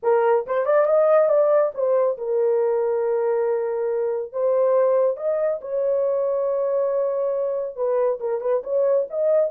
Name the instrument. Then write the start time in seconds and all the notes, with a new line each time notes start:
horn
0.02 A#4
0.46 C5
0.65 D5
0.86 D#5
1.28 D5
1.74 C5
2.17 A#4
4.32 C5
5.16 D#5
5.61 C#5
7.76 B4
8.20 A#4
8.41 B4
8.63 C#5
9.10 D#5